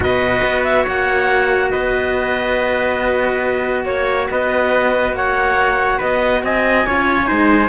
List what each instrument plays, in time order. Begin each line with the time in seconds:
0.00 cello B2 F#4, trumpet B4, clarinet D#5
0.42 cello B3
0.64 clarinet E5
0.82 cello A#3, trumpet C#5, clarinet F#5
1.70 cello B3, trumpet B4, clarinet D#5
3.85 cello A#3, trumpet C#5, clarinet C#5
4.30 cello B3, trumpet B4, clarinet D#5
5.12 cello A#3, trumpet C#5, clarinet F#5
5.97 cello B3, trumpet B4, clarinet D#5
6.43 cello C4, trumpet D#5, clarinet G#5
6.86 cello C#4 F4, trumpet C#5
7.25 cello G#3 D#4, trumpet C5